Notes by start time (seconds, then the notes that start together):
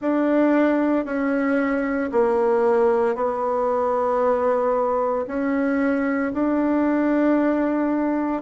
0.01 D4
1.05 C#4
2.11 A#3
3.15 B3
5.27 C#4
6.33 D4